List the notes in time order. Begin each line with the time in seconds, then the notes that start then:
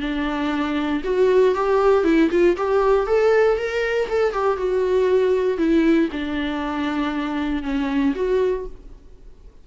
0.00 D4
1.04 F#4
1.54 G4
2.04 E4
2.30 F4
2.56 G4
3.06 A4
3.57 A#4
4.09 A4
4.32 G4
4.57 F#4
5.57 E4
6.12 D4
7.62 C#4
8.15 F#4